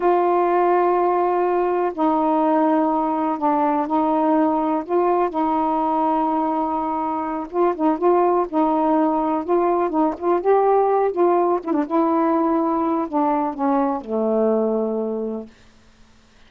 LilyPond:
\new Staff \with { instrumentName = "saxophone" } { \time 4/4 \tempo 4 = 124 f'1 | dis'2. d'4 | dis'2 f'4 dis'4~ | dis'2.~ dis'8 f'8 |
dis'8 f'4 dis'2 f'8~ | f'8 dis'8 f'8 g'4. f'4 | e'16 d'16 e'2~ e'8 d'4 | cis'4 a2. | }